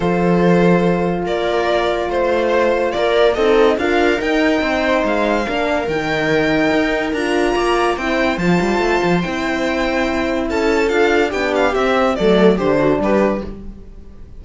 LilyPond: <<
  \new Staff \with { instrumentName = "violin" } { \time 4/4 \tempo 4 = 143 c''2. d''4~ | d''4 c''2 d''4 | dis''4 f''4 g''2 | f''2 g''2~ |
g''4 ais''2 g''4 | a''2 g''2~ | g''4 a''4 f''4 g''8 f''8 | e''4 d''4 c''4 b'4 | }
  \new Staff \with { instrumentName = "viola" } { \time 4/4 a'2. ais'4~ | ais'4 c''2 ais'4 | a'4 ais'2 c''4~ | c''4 ais'2.~ |
ais'2 d''4 c''4~ | c''1~ | c''4 a'2 g'4~ | g'4 a'4 g'8 fis'8 g'4 | }
  \new Staff \with { instrumentName = "horn" } { \time 4/4 f'1~ | f'1 | dis'4 f'4 dis'2~ | dis'4 d'4 dis'2~ |
dis'4 f'2 e'4 | f'2 e'2~ | e'2 f'4 d'4 | c'4 a4 d'2 | }
  \new Staff \with { instrumentName = "cello" } { \time 4/4 f2. ais4~ | ais4 a2 ais4 | c'4 d'4 dis'4 c'4 | gis4 ais4 dis2 |
dis'4 d'4 ais4 c'4 | f8 g8 a8 f8 c'2~ | c'4 cis'4 d'4 b4 | c'4 fis4 d4 g4 | }
>>